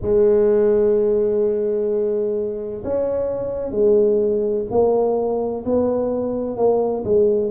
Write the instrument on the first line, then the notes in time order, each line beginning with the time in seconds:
tuba
0.01 G#3
2.84 C#4
3.71 G#3
4.70 A#3
5.65 B3
6.56 A#3
7.04 G#3